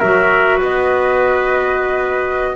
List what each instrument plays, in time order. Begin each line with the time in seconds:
0.00 double bass F#3, clarinet F#4, trumpet A#4, flute E5
0.58 double bass B3, trumpet B4, flute D#5